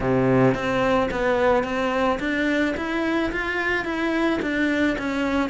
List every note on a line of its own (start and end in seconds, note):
0.00 0.54 C3
0.54 1.09 C4
1.11 1.63 B3
1.63 2.18 C4
2.19 2.74 D4
2.76 3.31 E4
3.32 3.84 F4
3.84 4.39 E4
4.42 4.97 D4
4.98 5.49 C#4